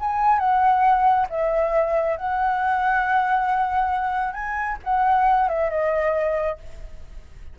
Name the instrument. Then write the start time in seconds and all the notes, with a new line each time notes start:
flute
0.00 G#5
0.39 F#5
1.30 E5
2.17 F#5
4.33 G#5
4.84 F#5
5.48 E5
5.70 D#5